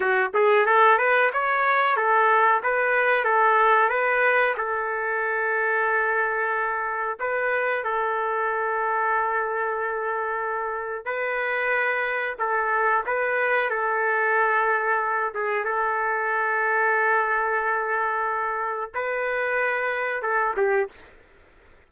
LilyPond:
\new Staff \with { instrumentName = "trumpet" } { \time 4/4 \tempo 4 = 92 fis'8 gis'8 a'8 b'8 cis''4 a'4 | b'4 a'4 b'4 a'4~ | a'2. b'4 | a'1~ |
a'4 b'2 a'4 | b'4 a'2~ a'8 gis'8 | a'1~ | a'4 b'2 a'8 g'8 | }